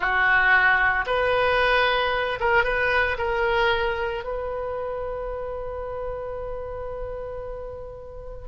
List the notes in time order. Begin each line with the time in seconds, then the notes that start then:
0.00 F#4
1.06 B4
2.40 A#4
2.64 B4
3.18 A#4
4.24 B4